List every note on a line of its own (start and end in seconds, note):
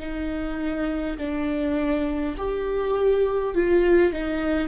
0.00 1.18 D#4
1.18 2.35 D4
2.38 3.55 G4
3.55 4.13 F4
4.13 4.68 D#4